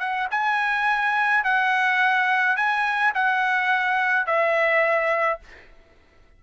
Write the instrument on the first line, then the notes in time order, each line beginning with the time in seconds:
trumpet
0.00 F#5
0.31 G#5
1.44 F#5
2.57 G#5
3.15 F#5
4.27 E5